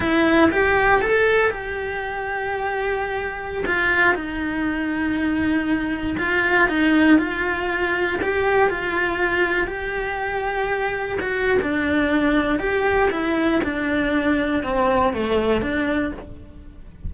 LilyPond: \new Staff \with { instrumentName = "cello" } { \time 4/4 \tempo 4 = 119 e'4 g'4 a'4 g'4~ | g'2.~ g'16 f'8.~ | f'16 dis'2.~ dis'8.~ | dis'16 f'4 dis'4 f'4.~ f'16~ |
f'16 g'4 f'2 g'8.~ | g'2~ g'16 fis'8. d'4~ | d'4 g'4 e'4 d'4~ | d'4 c'4 a4 d'4 | }